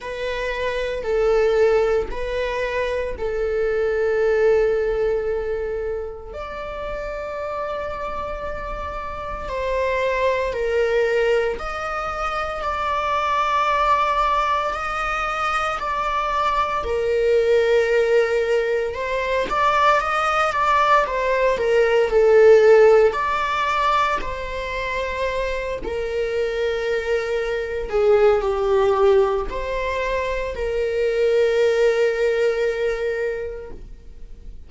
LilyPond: \new Staff \with { instrumentName = "viola" } { \time 4/4 \tempo 4 = 57 b'4 a'4 b'4 a'4~ | a'2 d''2~ | d''4 c''4 ais'4 dis''4 | d''2 dis''4 d''4 |
ais'2 c''8 d''8 dis''8 d''8 | c''8 ais'8 a'4 d''4 c''4~ | c''8 ais'2 gis'8 g'4 | c''4 ais'2. | }